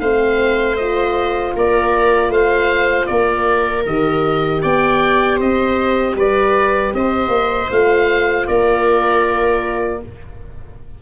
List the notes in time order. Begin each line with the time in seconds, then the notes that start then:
0.00 A3 C4 C5 F5
0.77 F4 D#5
1.56 A#3 A#4 D5
2.29 A3 C5 F5
3.07 A#3 A#4 D5
3.86 D#3 G4 D#5
4.62 B3 D5 G5
5.37 C4 C5 D#5
6.16 G3 B4 D5
6.95 C4 C5 D#5
7.28 A#3
7.70 A3 F4 F5
8.47 A#3 A#4 D5